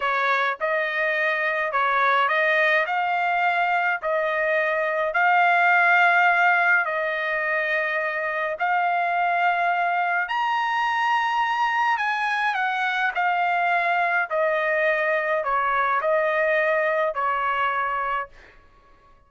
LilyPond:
\new Staff \with { instrumentName = "trumpet" } { \time 4/4 \tempo 4 = 105 cis''4 dis''2 cis''4 | dis''4 f''2 dis''4~ | dis''4 f''2. | dis''2. f''4~ |
f''2 ais''2~ | ais''4 gis''4 fis''4 f''4~ | f''4 dis''2 cis''4 | dis''2 cis''2 | }